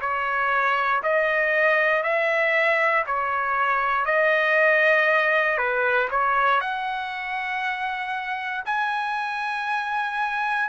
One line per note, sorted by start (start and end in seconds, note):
0.00 1.02 C#5
1.03 2.02 D#5
2.02 3.04 E5
3.06 4.05 C#5
4.05 5.57 D#5
5.57 6.08 B4
6.10 6.60 C#5
6.60 8.63 F#5
8.65 10.69 G#5